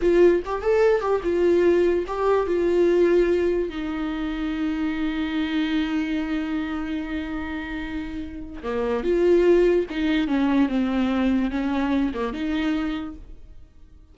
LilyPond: \new Staff \with { instrumentName = "viola" } { \time 4/4 \tempo 4 = 146 f'4 g'8 a'4 g'8 f'4~ | f'4 g'4 f'2~ | f'4 dis'2.~ | dis'1~ |
dis'1~ | dis'4 ais4 f'2 | dis'4 cis'4 c'2 | cis'4. ais8 dis'2 | }